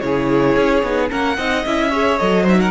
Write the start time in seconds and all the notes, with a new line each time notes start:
0.00 C#3 E4 G#4 C#5
0.56 C#4
0.83 B3 D#4
1.09 A#3 C#4 A#4 F#5
1.37 C4 D#4 D#5
1.66 C#4 E4 E5
1.89 G#4 C#5
2.18 F#3 A4 D#5
2.42 D#4 C5
2.49 E5
2.60 A#4 F#5